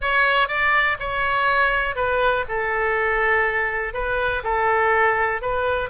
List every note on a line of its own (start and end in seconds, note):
0.01 0.47 C#5
0.47 0.97 D5
0.99 1.95 C#5
1.95 2.44 B4
2.48 3.93 A4
3.93 4.43 B4
4.43 5.41 A4
5.41 5.89 B4